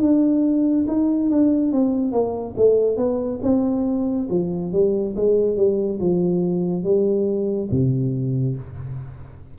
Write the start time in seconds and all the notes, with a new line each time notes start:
0.00 D4
0.88 D#4
1.30 D4
1.72 C4
2.12 A#3
2.57 A3
2.97 B3
3.42 C4
4.29 F3
4.72 G3
5.16 G#3
5.56 G3
6.00 F3
6.84 G3
7.71 C3